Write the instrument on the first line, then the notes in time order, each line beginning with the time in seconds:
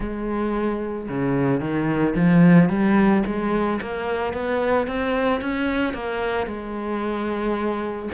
cello
0.00 G#3
1.08 C#3
1.60 D#3
2.15 F3
2.69 G3
3.26 G#3
3.81 A#3
4.33 B3
4.87 C4
5.41 C#4
5.93 A#3
6.46 G#3